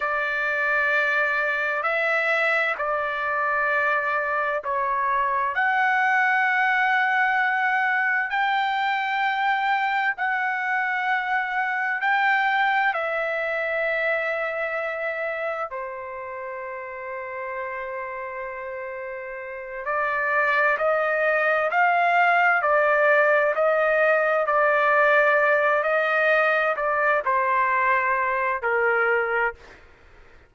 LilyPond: \new Staff \with { instrumentName = "trumpet" } { \time 4/4 \tempo 4 = 65 d''2 e''4 d''4~ | d''4 cis''4 fis''2~ | fis''4 g''2 fis''4~ | fis''4 g''4 e''2~ |
e''4 c''2.~ | c''4. d''4 dis''4 f''8~ | f''8 d''4 dis''4 d''4. | dis''4 d''8 c''4. ais'4 | }